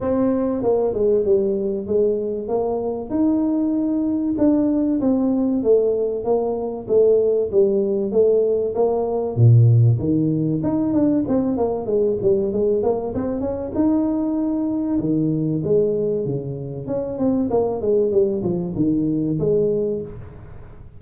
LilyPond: \new Staff \with { instrumentName = "tuba" } { \time 4/4 \tempo 4 = 96 c'4 ais8 gis8 g4 gis4 | ais4 dis'2 d'4 | c'4 a4 ais4 a4 | g4 a4 ais4 ais,4 |
dis4 dis'8 d'8 c'8 ais8 gis8 g8 | gis8 ais8 c'8 cis'8 dis'2 | dis4 gis4 cis4 cis'8 c'8 | ais8 gis8 g8 f8 dis4 gis4 | }